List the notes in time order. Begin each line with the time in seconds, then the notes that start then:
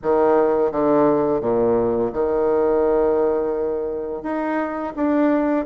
0.02 D#3
0.71 D3
1.41 A#2
2.12 D#3
4.22 D#4
4.96 D4